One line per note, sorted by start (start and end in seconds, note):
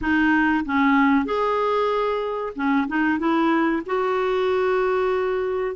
0.01 0.64 D#4
0.65 1.25 C#4
1.25 2.53 G#4
2.55 2.87 C#4
2.87 3.18 D#4
3.18 3.82 E4
3.86 5.75 F#4